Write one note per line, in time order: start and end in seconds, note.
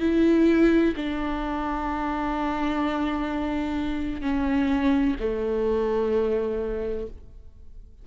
0.00 0.94 E4
0.96 4.21 D4
4.21 5.15 C#4
5.19 7.07 A3